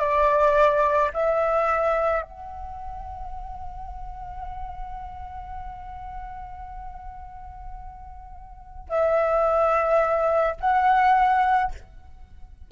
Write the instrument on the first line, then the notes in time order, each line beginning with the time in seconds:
flute
0.00 D5
1.14 E5
2.22 F#5
8.89 E5
10.61 F#5